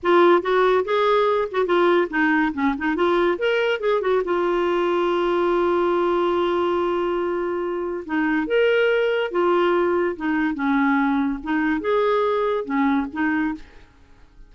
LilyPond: \new Staff \with { instrumentName = "clarinet" } { \time 4/4 \tempo 4 = 142 f'4 fis'4 gis'4. fis'8 | f'4 dis'4 cis'8 dis'8 f'4 | ais'4 gis'8 fis'8 f'2~ | f'1~ |
f'2. dis'4 | ais'2 f'2 | dis'4 cis'2 dis'4 | gis'2 cis'4 dis'4 | }